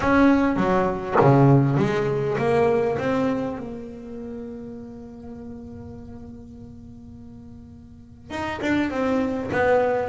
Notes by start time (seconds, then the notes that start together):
0.00 C#4
0.56 F#3
1.20 C#3
1.77 G#3
2.38 A#3
2.98 C4
3.58 A#3
8.30 D#4
8.61 D4
8.90 C4
9.51 B3